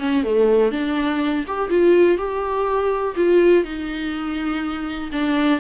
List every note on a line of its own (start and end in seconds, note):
0.00 0.24 C#4
0.24 0.72 A3
0.72 1.45 D4
1.48 1.70 G4
1.70 2.18 F4
2.18 3.16 G4
3.16 3.65 F4
3.65 5.11 D#4
5.13 5.61 D4